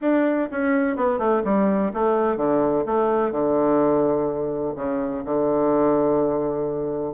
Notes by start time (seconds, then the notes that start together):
0.01 D4
0.51 C#4
0.96 B3
1.18 A3
1.44 G3
1.93 A3
2.36 D3
2.86 A3
3.31 D3
4.75 C#3
5.24 D3